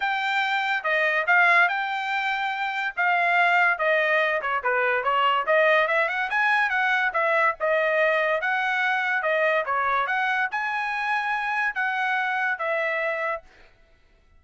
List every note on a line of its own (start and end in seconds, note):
0.00 0.83 G5
0.83 1.25 D#5
1.26 1.68 F5
1.68 2.94 G5
2.96 3.78 F5
3.78 4.41 D#5
4.41 4.62 C#5
4.63 5.03 B4
5.03 5.45 C#5
5.46 5.87 D#5
5.87 6.08 E5
6.08 6.29 F#5
6.30 6.69 G#5
6.69 7.11 F#5
7.13 7.55 E5
7.59 8.41 D#5
8.41 9.22 F#5
9.22 9.64 D#5
9.65 10.06 C#5
10.06 10.48 F#5
10.51 11.74 G#5
11.74 12.58 F#5
12.58 13.42 E5